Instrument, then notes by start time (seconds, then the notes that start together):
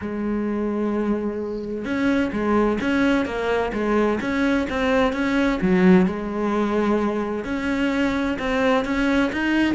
cello
0.01 G#3
1.84 C#4
2.32 G#3
2.80 C#4
3.25 A#3
3.73 G#3
4.21 C#4
4.69 C4
5.12 C#4
5.61 F#3
6.06 G#3
7.44 C#4
8.38 C4
8.84 C#4
9.32 D#4